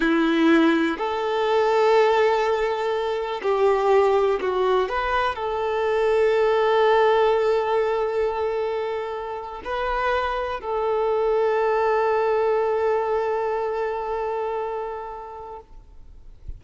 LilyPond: \new Staff \with { instrumentName = "violin" } { \time 4/4 \tempo 4 = 123 e'2 a'2~ | a'2. g'4~ | g'4 fis'4 b'4 a'4~ | a'1~ |
a'2.~ a'8. b'16~ | b'4.~ b'16 a'2~ a'16~ | a'1~ | a'1 | }